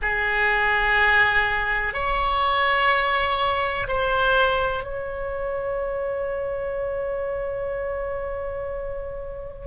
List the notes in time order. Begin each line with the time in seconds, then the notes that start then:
0.02 G#4
1.93 C#5
3.87 C5
4.83 C#5